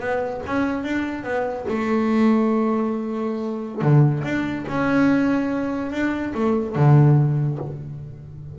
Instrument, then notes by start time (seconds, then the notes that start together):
double bass
0.00 B3
0.46 C#4
0.84 D4
1.24 B3
1.69 A3
3.82 D3
4.24 D4
4.68 C#4
5.92 D4
6.35 A3
6.76 D3